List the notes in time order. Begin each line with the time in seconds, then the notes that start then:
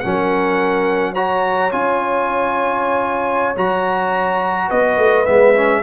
0.00 F#3 C#4 A#4 F#5
1.13 F#4 C#5 A#5
1.72 C#4 F4 G#5
3.56 F#3 F#4 A#5
4.68 B3 B4 D#5
4.97 A3
5.26 G#3 B3 E5
5.55 C#4